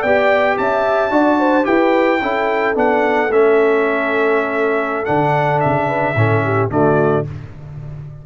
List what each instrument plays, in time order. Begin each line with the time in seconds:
0.00 tuba B3, trombone G4, horn D5, trumpet G5
0.57 tuba C#4, horn E5, trumpet A5
1.10 tuba D4, trombone F#4, horn D5
1.40 horn C5
1.64 tuba E4, trombone G4, horn B4, trumpet G5
2.21 tuba C#4, trombone E4, horn A4
2.75 tuba B3, trombone D4, trumpet F#5
3.29 tuba A3, trombone C#4, trumpet E5
5.05 tuba D3, trombone D4, trumpet F#5
5.60 tuba C#3, trumpet E5
5.87 horn B4
6.15 tuba A2, trombone C#4, horn A4
6.44 horn G4
6.70 tuba D3, trombone A3, horn F#4, trumpet D5